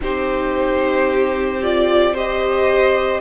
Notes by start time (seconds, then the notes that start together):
0.01 C4 D#4 G4 C5
1.62 F4 D5
2.13 G4 C5 D#5